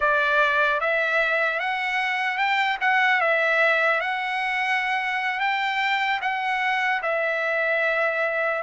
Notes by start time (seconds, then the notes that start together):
0.00 D5
0.80 E5
1.59 F#5
2.37 G5
2.80 F#5
3.20 E5
4.00 F#5
5.40 G5
6.21 F#5
7.02 E5